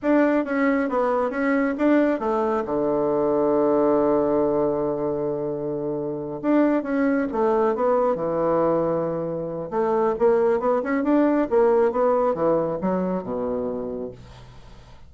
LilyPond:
\new Staff \with { instrumentName = "bassoon" } { \time 4/4 \tempo 4 = 136 d'4 cis'4 b4 cis'4 | d'4 a4 d2~ | d1~ | d2~ d8 d'4 cis'8~ |
cis'8 a4 b4 e4.~ | e2 a4 ais4 | b8 cis'8 d'4 ais4 b4 | e4 fis4 b,2 | }